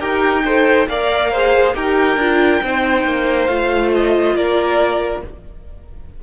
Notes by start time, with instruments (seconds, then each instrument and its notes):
0.00 cello D#4, viola G4, violin A#4 G5
0.45 viola A4, violin C5
0.87 cello A#3, viola A#4, violin D5 F5
1.32 viola G#4, violin C5
1.75 cello D#4, viola G4, violin A#4 G5
2.17 cello D4, viola F4
2.63 cello C4, viola D#4, violin C5
3.05 cello A#3
3.47 cello A3, viola F4, violin F5
3.95 violin D#5
4.36 cello A#3, violin A#4 D5